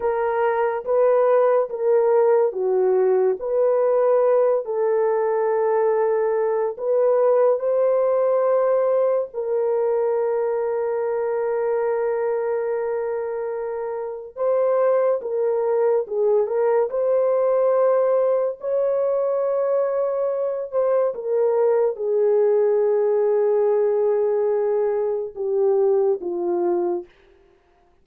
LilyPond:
\new Staff \with { instrumentName = "horn" } { \time 4/4 \tempo 4 = 71 ais'4 b'4 ais'4 fis'4 | b'4. a'2~ a'8 | b'4 c''2 ais'4~ | ais'1~ |
ais'4 c''4 ais'4 gis'8 ais'8 | c''2 cis''2~ | cis''8 c''8 ais'4 gis'2~ | gis'2 g'4 f'4 | }